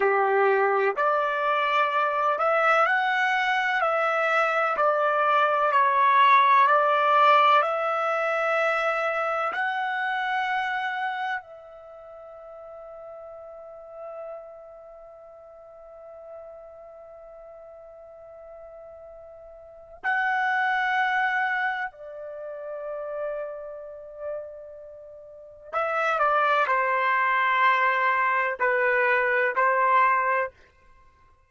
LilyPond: \new Staff \with { instrumentName = "trumpet" } { \time 4/4 \tempo 4 = 63 g'4 d''4. e''8 fis''4 | e''4 d''4 cis''4 d''4 | e''2 fis''2 | e''1~ |
e''1~ | e''4 fis''2 d''4~ | d''2. e''8 d''8 | c''2 b'4 c''4 | }